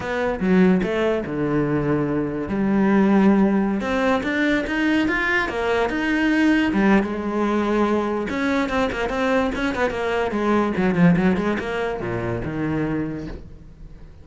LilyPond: \new Staff \with { instrumentName = "cello" } { \time 4/4 \tempo 4 = 145 b4 fis4 a4 d4~ | d2 g2~ | g4~ g16 c'4 d'4 dis'8.~ | dis'16 f'4 ais4 dis'4.~ dis'16~ |
dis'16 g8. gis2. | cis'4 c'8 ais8 c'4 cis'8 b8 | ais4 gis4 fis8 f8 fis8 gis8 | ais4 ais,4 dis2 | }